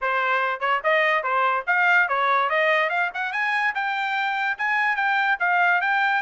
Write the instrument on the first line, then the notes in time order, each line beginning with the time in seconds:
trumpet
0.01 C5
0.60 C#5
0.83 D#5
1.23 C5
1.66 F5
2.08 C#5
2.49 D#5
2.89 F5
3.14 F#5
3.32 G#5
3.74 G5
4.58 G#5
4.96 G5
5.39 F5
5.81 G5